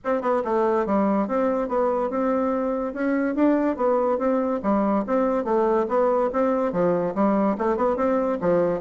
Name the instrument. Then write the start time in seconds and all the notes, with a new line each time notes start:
bassoon
0.04 C4
0.21 B3
0.44 A3
0.86 G3
1.27 C4
1.68 B3
2.10 C4
2.93 C#4
3.35 D4
3.76 B3
4.18 C4
4.62 G3
5.06 C4
5.44 A3
5.88 B3
6.32 C4
6.72 F3
7.15 G3
7.57 A3
7.76 B3
7.96 C4
8.40 F3